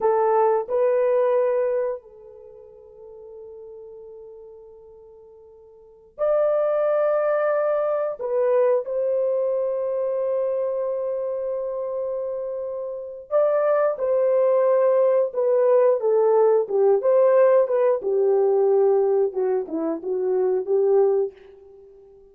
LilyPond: \new Staff \with { instrumentName = "horn" } { \time 4/4 \tempo 4 = 90 a'4 b'2 a'4~ | a'1~ | a'4~ a'16 d''2~ d''8.~ | d''16 b'4 c''2~ c''8.~ |
c''1 | d''4 c''2 b'4 | a'4 g'8 c''4 b'8 g'4~ | g'4 fis'8 e'8 fis'4 g'4 | }